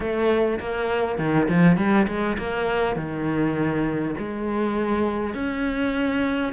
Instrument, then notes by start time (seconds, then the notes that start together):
cello
0.00 A3
0.59 A#3
1.18 D#3
1.49 F3
1.77 G3
2.07 G#3
2.38 A#3
2.96 D#3
4.18 G#3
5.34 C#4